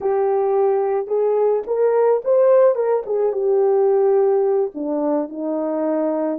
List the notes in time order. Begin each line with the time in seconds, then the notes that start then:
0.00 G4
1.07 G#4
1.66 A#4
2.24 C5
2.75 A#4
3.06 G#4
3.32 G4
4.74 D4
5.29 D#4